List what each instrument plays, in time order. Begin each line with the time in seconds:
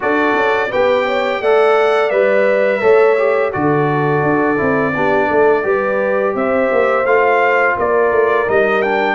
0.00 tuba D4, trombone F#4, horn A4, trumpet D5
0.35 tuba C#4
0.70 tuba B3, trombone G4, horn B4, trumpet G5
1.05 horn C#5
1.41 tuba A3, trombone A4, horn D5, trumpet F#5
2.10 tuba G3, trombone B4, trumpet E5
2.81 tuba A3, trombone A4, horn C#5
3.17 trombone G4
3.52 tuba D3, trombone F#4, horn A4, trumpet D5
4.22 tuba D4
4.56 tuba C4, trombone E4
4.95 tuba B3, trombone D4, horn G4
5.27 tuba A3, horn A4
5.63 tuba G3, trombone G4, horn B4
6.34 tuba C4, horn C5, trumpet E5
6.72 tuba A#3
7.05 tuba A3, trombone F4, trumpet F5
7.76 tuba A#3, horn A#4, trumpet D5
8.11 tuba A3
8.47 tuba G3, trombone D#4, trumpet D#5
8.82 trombone D4, trumpet G5